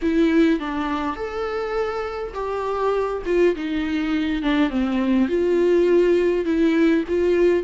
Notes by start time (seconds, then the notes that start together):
0.02 E4
0.59 D4
1.16 A4
2.34 G4
3.25 F4
3.55 D#4
4.42 D4
4.70 C4
5.28 F4
6.45 E4
7.08 F4